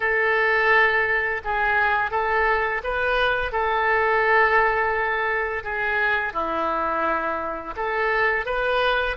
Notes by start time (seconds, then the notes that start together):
0.00 A4
1.44 G#4
2.10 A4
2.83 B4
3.51 A4
5.63 G#4
6.33 E4
7.76 A4
8.45 B4